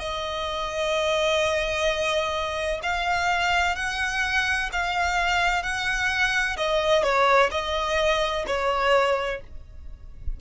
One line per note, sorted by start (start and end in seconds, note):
0.00 2.81 D#5
2.83 3.76 F5
3.76 4.70 F#5
4.73 5.63 F5
5.63 6.57 F#5
6.57 7.04 D#5
7.04 7.50 C#5
7.52 8.45 D#5
8.47 9.41 C#5